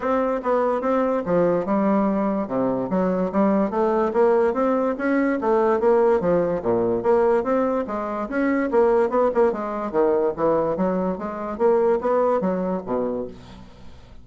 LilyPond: \new Staff \with { instrumentName = "bassoon" } { \time 4/4 \tempo 4 = 145 c'4 b4 c'4 f4 | g2 c4 fis4 | g4 a4 ais4 c'4 | cis'4 a4 ais4 f4 |
ais,4 ais4 c'4 gis4 | cis'4 ais4 b8 ais8 gis4 | dis4 e4 fis4 gis4 | ais4 b4 fis4 b,4 | }